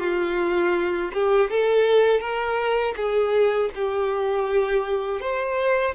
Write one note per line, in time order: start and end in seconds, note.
0.00 1.11 F4
1.13 1.51 G4
1.51 2.20 A4
2.20 2.94 A#4
2.96 3.70 G#4
3.75 5.21 G4
5.21 5.95 C5